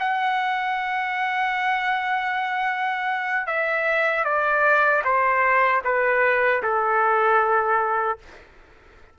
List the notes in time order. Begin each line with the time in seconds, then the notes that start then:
0.00 F#5
3.47 E5
4.25 D5
5.05 C5
5.85 B4
6.63 A4